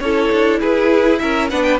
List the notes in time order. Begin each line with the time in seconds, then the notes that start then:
0.00 C#4 E4 A4 C#5
0.32 D4
0.61 E4 G#4 B4
1.19 C#4 A#4 E5
1.50 B3 D4 B4 F#5
1.63 G5